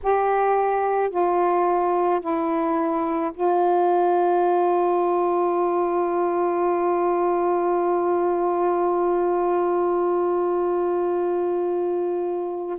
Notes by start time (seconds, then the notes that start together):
0.03 G4
1.10 F4
2.20 E4
3.33 F4